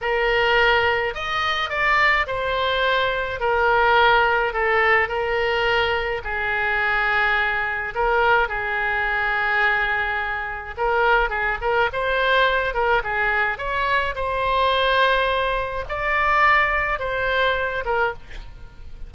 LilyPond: \new Staff \with { instrumentName = "oboe" } { \time 4/4 \tempo 4 = 106 ais'2 dis''4 d''4 | c''2 ais'2 | a'4 ais'2 gis'4~ | gis'2 ais'4 gis'4~ |
gis'2. ais'4 | gis'8 ais'8 c''4. ais'8 gis'4 | cis''4 c''2. | d''2 c''4. ais'8 | }